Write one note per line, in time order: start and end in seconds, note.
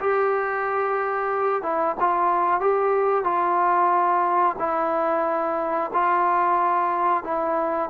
0.00 1.63 G4
1.63 1.96 E4
2.00 2.61 F4
2.61 3.24 G4
3.24 4.56 F4
4.59 5.91 E4
5.93 7.24 F4
7.24 7.90 E4